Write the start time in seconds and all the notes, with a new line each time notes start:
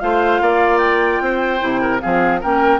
0.00 A3 F4 C5 F5
0.41 A#3 D5
0.78 G5
1.21 C4 C5
1.60 C3 E4
1.82 A#4
2.01 F3 C4 G#4 F5
2.41 A#3 C#4 A#4 G5